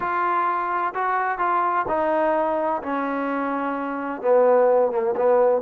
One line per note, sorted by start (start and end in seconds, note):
0.00 0.93 F4
0.94 1.38 F#4
1.38 1.85 F4
1.88 2.81 D#4
2.82 4.21 C#4
4.21 4.91 B3
4.91 5.15 A#3
5.16 5.61 B3